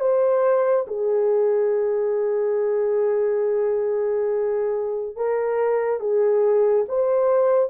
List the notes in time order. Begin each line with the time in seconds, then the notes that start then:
0.00 C5
0.87 G#4
5.16 A#4
6.00 G#4
6.88 C5